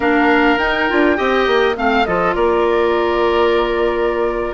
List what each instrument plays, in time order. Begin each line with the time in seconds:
0.00 bassoon A#3, clarinet D4, oboe A#4, flute F5
0.58 bassoon D#4, clarinet D#4, flute G5
0.89 bassoon D4, clarinet F4
1.16 bassoon C4, clarinet G4, oboe D#5
1.47 bassoon A#3
1.75 bassoon A3, clarinet C4, flute F5, oboe F5
2.04 bassoon F3, clarinet F4, oboe A4, flute D#5
2.35 bassoon A#3, oboe A#4, flute D5